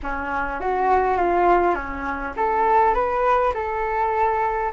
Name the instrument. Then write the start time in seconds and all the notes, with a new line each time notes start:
flute
0.02 C#4
0.60 F#4
1.17 F4
1.75 C#4
2.36 A4
2.94 B4
3.53 A4